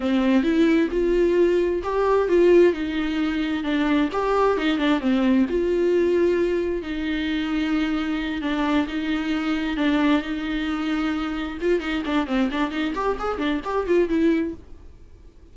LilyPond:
\new Staff \with { instrumentName = "viola" } { \time 4/4 \tempo 4 = 132 c'4 e'4 f'2 | g'4 f'4 dis'2 | d'4 g'4 dis'8 d'8 c'4 | f'2. dis'4~ |
dis'2~ dis'8 d'4 dis'8~ | dis'4. d'4 dis'4.~ | dis'4. f'8 dis'8 d'8 c'8 d'8 | dis'8 g'8 gis'8 d'8 g'8 f'8 e'4 | }